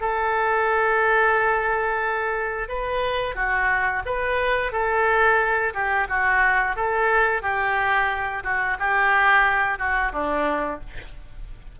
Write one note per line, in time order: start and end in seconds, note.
0.00 2.68 A4
2.68 3.35 B4
3.35 4.02 F#4
4.05 4.72 B4
4.72 5.73 A4
5.74 6.07 G4
6.08 6.76 F#4
6.76 7.42 A4
7.42 8.43 G4
8.43 8.77 F#4
8.79 9.78 G4
9.78 10.12 F#4
10.12 10.80 D4